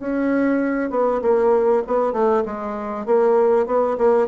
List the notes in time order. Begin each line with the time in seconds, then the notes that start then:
0.00 C#4
0.90 B3
1.22 A#3
1.87 B3
2.13 A3
2.46 G#3
3.06 A#3
3.67 B3
3.98 A#3